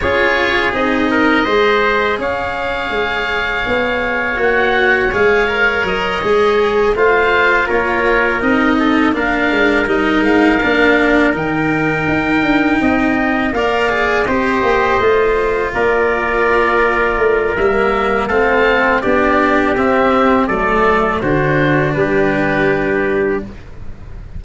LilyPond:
<<
  \new Staff \with { instrumentName = "oboe" } { \time 4/4 \tempo 4 = 82 cis''4 dis''2 f''4~ | f''2 fis''4 f''4 | dis''4. f''4 cis''4 dis''8~ | dis''8 f''4 dis''8 f''4. g''8~ |
g''2~ g''8 f''4 dis''8~ | dis''4. d''2~ d''8 | e''4 f''4 d''4 e''4 | d''4 c''4 b'2 | }
  \new Staff \with { instrumentName = "trumpet" } { \time 4/4 gis'4. ais'8 c''4 cis''4~ | cis''1~ | cis''4. c''4 ais'4. | a'8 ais'2.~ ais'8~ |
ais'4. dis''4 d''4 c''8~ | c''4. ais'2~ ais'8~ | ais'4 a'4 g'2 | a'4 fis'4 g'2 | }
  \new Staff \with { instrumentName = "cello" } { \time 4/4 f'4 dis'4 gis'2~ | gis'2 fis'4 gis'8 ais'8~ | ais'8 gis'4 f'2 dis'8~ | dis'8 d'4 dis'4 d'4 dis'8~ |
dis'2~ dis'8 ais'8 gis'8 g'8~ | g'8 f'2.~ f'8 | ais4 c'4 d'4 c'4 | a4 d'2. | }
  \new Staff \with { instrumentName = "tuba" } { \time 4/4 cis'4 c'4 gis4 cis'4 | gis4 b4 ais4 gis4 | fis8 gis4 a4 ais4 c'8~ | c'8 ais8 gis8 g8 gis8 ais4 dis8~ |
dis8 dis'8 d'8 c'4 ais4 c'8 | ais8 a4 ais2 a8 | g4 a4 b4 c'4 | fis4 d4 g2 | }
>>